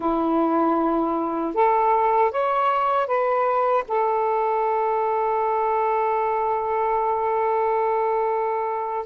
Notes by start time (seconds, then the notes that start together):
0.00 E4
1.54 A4
2.31 C#5
3.07 B4
3.88 A4